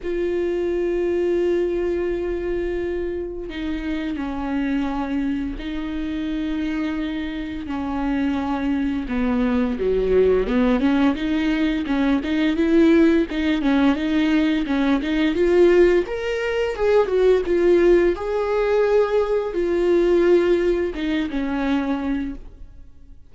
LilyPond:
\new Staff \with { instrumentName = "viola" } { \time 4/4 \tempo 4 = 86 f'1~ | f'4 dis'4 cis'2 | dis'2. cis'4~ | cis'4 b4 fis4 b8 cis'8 |
dis'4 cis'8 dis'8 e'4 dis'8 cis'8 | dis'4 cis'8 dis'8 f'4 ais'4 | gis'8 fis'8 f'4 gis'2 | f'2 dis'8 cis'4. | }